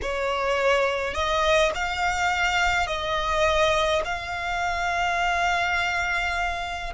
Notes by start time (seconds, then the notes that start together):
0.02 C#5
1.14 D#5
1.74 F5
2.86 D#5
4.04 F5